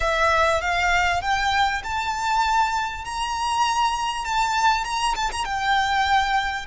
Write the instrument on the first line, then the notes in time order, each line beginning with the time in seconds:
violin
0.00 E5
0.61 F5
1.21 G5
1.83 A5
3.04 A#5
4.24 A5
4.84 A#5
5.15 A5
5.31 A#5
5.45 G5